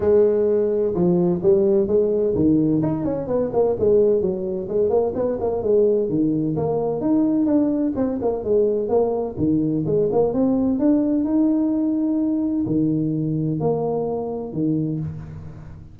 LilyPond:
\new Staff \with { instrumentName = "tuba" } { \time 4/4 \tempo 4 = 128 gis2 f4 g4 | gis4 dis4 dis'8 cis'8 b8 ais8 | gis4 fis4 gis8 ais8 b8 ais8 | gis4 dis4 ais4 dis'4 |
d'4 c'8 ais8 gis4 ais4 | dis4 gis8 ais8 c'4 d'4 | dis'2. dis4~ | dis4 ais2 dis4 | }